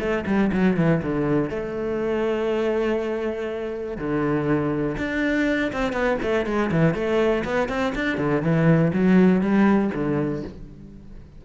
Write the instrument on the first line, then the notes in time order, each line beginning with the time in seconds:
cello
0.00 A3
0.26 G3
0.52 F#3
0.77 E3
1.03 D3
1.50 A3
3.97 D3
4.97 D4
5.72 C4
5.93 B3
6.22 A3
6.46 G#3
6.72 E3
6.94 A3
7.44 B3
7.69 C4
7.95 D4
8.18 D3
8.42 E3
8.93 F#3
9.41 G3
9.94 D3